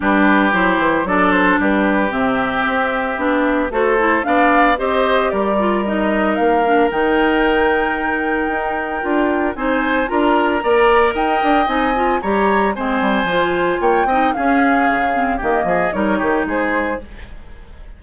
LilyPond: <<
  \new Staff \with { instrumentName = "flute" } { \time 4/4 \tempo 4 = 113 b'4 c''4 d''8 c''8 b'4 | e''2. c''4 | f''4 dis''4 d''4 dis''4 | f''4 g''2.~ |
g''2 gis''4 ais''4~ | ais''4 g''4 gis''4 ais''4 | gis''2 g''4 f''4~ | f''4 dis''4 cis''4 c''4 | }
  \new Staff \with { instrumentName = "oboe" } { \time 4/4 g'2 a'4 g'4~ | g'2. a'4 | d''4 c''4 ais'2~ | ais'1~ |
ais'2 c''4 ais'4 | d''4 dis''2 cis''4 | c''2 cis''8 dis''8 gis'4~ | gis'4 g'8 gis'8 ais'8 g'8 gis'4 | }
  \new Staff \with { instrumentName = "clarinet" } { \time 4/4 d'4 e'4 d'2 | c'2 d'4 fis'8 e'8 | d'4 g'4. f'8 dis'4~ | dis'8 d'8 dis'2.~ |
dis'4 f'4 dis'4 f'4 | ais'2 dis'8 f'8 g'4 | c'4 f'4. dis'8 cis'4~ | cis'8 c'8 ais4 dis'2 | }
  \new Staff \with { instrumentName = "bassoon" } { \time 4/4 g4 fis8 e8 fis4 g4 | c4 c'4 b4 a4 | b4 c'4 g2 | ais4 dis2. |
dis'4 d'4 c'4 d'4 | ais4 dis'8 d'8 c'4 g4 | gis8 g8 f4 ais8 c'8 cis'4 | cis4 dis8 f8 g8 dis8 gis4 | }
>>